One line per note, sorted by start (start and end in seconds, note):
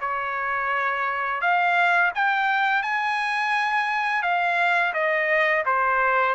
0.00 1.41 C#5
1.41 2.11 F5
2.14 2.82 G5
2.82 4.22 G#5
4.22 4.93 F5
4.93 5.64 D#5
5.65 6.35 C5